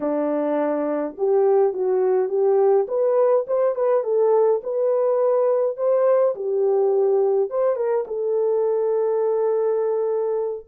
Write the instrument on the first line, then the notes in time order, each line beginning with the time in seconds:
horn
0.00 D4
1.17 G4
1.73 F#4
2.28 G4
2.87 B4
3.47 C5
3.75 B4
4.03 A4
4.63 B4
5.77 C5
6.35 G4
7.49 C5
7.76 A#4
8.07 A4